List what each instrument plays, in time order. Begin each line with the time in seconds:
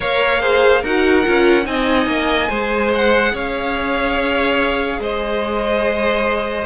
0.00 cello A#3, viola A#4, violin C#5 F5
0.40 viola G#4, violin C5
0.81 cello D#4, viola F#4, violin A#4 F#5
1.24 cello C#4, viola F4
1.64 cello C4, viola D#4, violin D#5 G#5
2.06 cello A#3
2.48 cello G#3, viola G#4, violin C5
2.94 violin F#5
3.32 cello C#4, violin C#5 F5
4.99 cello G#3, violin C5 D#5